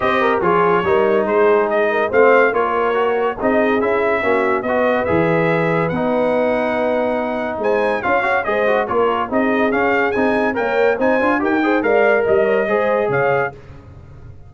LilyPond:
<<
  \new Staff \with { instrumentName = "trumpet" } { \time 4/4 \tempo 4 = 142 dis''4 cis''2 c''4 | dis''4 f''4 cis''2 | dis''4 e''2 dis''4 | e''2 fis''2~ |
fis''2 gis''4 f''4 | dis''4 cis''4 dis''4 f''4 | gis''4 g''4 gis''4 g''4 | f''4 dis''2 f''4 | }
  \new Staff \with { instrumentName = "horn" } { \time 4/4 c''8 ais'8 gis'4 ais'4 gis'4~ | gis'8 ais'8 c''4 ais'2 | gis'2 fis'4 b'4~ | b'1~ |
b'2 c''4 cis''4 | c''4 ais'4 gis'2~ | gis'4 cis''4 c''4 ais'8 c''8 | d''4 dis''8 cis''8 c''4 cis''4 | }
  \new Staff \with { instrumentName = "trombone" } { \time 4/4 g'4 f'4 dis'2~ | dis'4 c'4 f'4 fis'4 | dis'4 e'4 cis'4 fis'4 | gis'2 dis'2~ |
dis'2. f'8 fis'8 | gis'8 fis'8 f'4 dis'4 cis'4 | dis'4 ais'4 dis'8 f'8 g'8 gis'8 | ais'2 gis'2 | }
  \new Staff \with { instrumentName = "tuba" } { \time 4/4 c'4 f4 g4 gis4~ | gis4 a4 ais2 | c'4 cis'4 ais4 b4 | e2 b2~ |
b2 gis4 cis'4 | gis4 ais4 c'4 cis'4 | c'4 ais4 c'8 d'8 dis'4 | gis4 g4 gis4 cis4 | }
>>